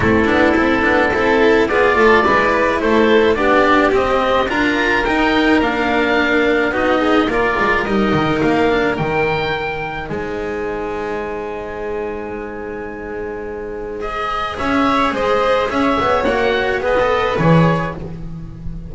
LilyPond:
<<
  \new Staff \with { instrumentName = "oboe" } { \time 4/4 \tempo 4 = 107 a'2. d''4~ | d''4 c''4 d''4 dis''4 | ais''4 g''4 f''2 | dis''4 d''4 dis''4 f''4 |
g''2 gis''2~ | gis''1~ | gis''4 dis''4 e''4 dis''4 | e''4 fis''4 dis''4 cis''4 | }
  \new Staff \with { instrumentName = "violin" } { \time 4/4 e'2 a'4 gis'8 a'8 | b'4 a'4 g'2 | ais'1 | fis'8 gis'8 ais'2.~ |
ais'2 c''2~ | c''1~ | c''2 cis''4 c''4 | cis''2 b'2 | }
  \new Staff \with { instrumentName = "cello" } { \time 4/4 c'8 d'8 e'8 d'8 e'4 f'4 | e'2 d'4 c'4 | f'4 dis'4 d'2 | dis'4 f'4 dis'4. d'8 |
dis'1~ | dis'1~ | dis'4 gis'2.~ | gis'4 fis'4 gis'16 a'8. gis'4 | }
  \new Staff \with { instrumentName = "double bass" } { \time 4/4 a8 b8 c'8 b8 c'4 b8 a8 | gis4 a4 b4 c'4 | d'4 dis'4 ais2 | b4 ais8 gis8 g8 dis8 ais4 |
dis2 gis2~ | gis1~ | gis2 cis'4 gis4 | cis'8 b8 ais4 b4 e4 | }
>>